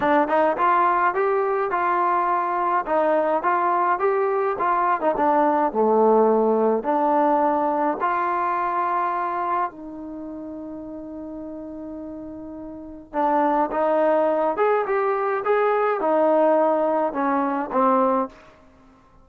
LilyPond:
\new Staff \with { instrumentName = "trombone" } { \time 4/4 \tempo 4 = 105 d'8 dis'8 f'4 g'4 f'4~ | f'4 dis'4 f'4 g'4 | f'8. dis'16 d'4 a2 | d'2 f'2~ |
f'4 dis'2.~ | dis'2. d'4 | dis'4. gis'8 g'4 gis'4 | dis'2 cis'4 c'4 | }